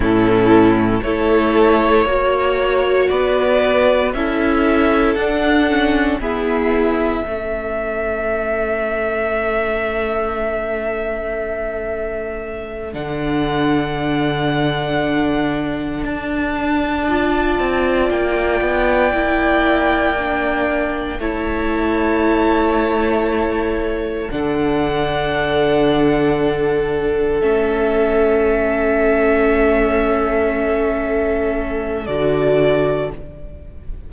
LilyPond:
<<
  \new Staff \with { instrumentName = "violin" } { \time 4/4 \tempo 4 = 58 a'4 cis''2 d''4 | e''4 fis''4 e''2~ | e''1~ | e''8 fis''2. a''8~ |
a''4. g''2~ g''8~ | g''8 a''2. fis''8~ | fis''2~ fis''8 e''4.~ | e''2. d''4 | }
  \new Staff \with { instrumentName = "violin" } { \time 4/4 e'4 a'4 cis''4 b'4 | a'2 gis'4 a'4~ | a'1~ | a'1~ |
a'8 d''2.~ d''8~ | d''8 cis''2. a'8~ | a'1~ | a'1 | }
  \new Staff \with { instrumentName = "viola" } { \time 4/4 cis'4 e'4 fis'2 | e'4 d'8 cis'8 b4 cis'4~ | cis'1~ | cis'8 d'2.~ d'8~ |
d'8 f'2 e'4 d'8~ | d'8 e'2. d'8~ | d'2~ d'8 cis'4.~ | cis'2. fis'4 | }
  \new Staff \with { instrumentName = "cello" } { \time 4/4 a,4 a4 ais4 b4 | cis'4 d'4 e'4 a4~ | a1~ | a8 d2. d'8~ |
d'4 c'8 ais8 b8 ais4.~ | ais8 a2. d8~ | d2~ d8 a4.~ | a2. d4 | }
>>